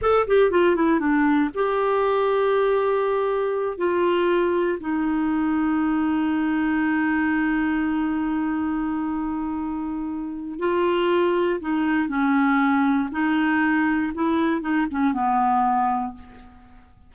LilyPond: \new Staff \with { instrumentName = "clarinet" } { \time 4/4 \tempo 4 = 119 a'8 g'8 f'8 e'8 d'4 g'4~ | g'2.~ g'8 f'8~ | f'4. dis'2~ dis'8~ | dis'1~ |
dis'1~ | dis'4 f'2 dis'4 | cis'2 dis'2 | e'4 dis'8 cis'8 b2 | }